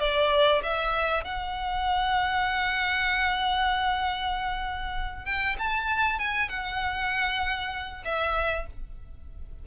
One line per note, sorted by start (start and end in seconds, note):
0.00 0.62 D5
0.64 1.25 E5
1.25 5.25 F#5
5.25 5.56 G5
5.59 6.19 A5
6.19 6.49 G#5
6.49 8.04 F#5
8.05 8.67 E5